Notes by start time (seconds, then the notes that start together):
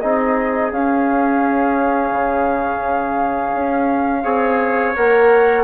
0.00 C4 D#4 G#4 D#5
0.71 C#4 F5
2.11 C#3
3.53 C#4
4.22 C4 G#4 C#5
4.96 A#3 A#4 F#5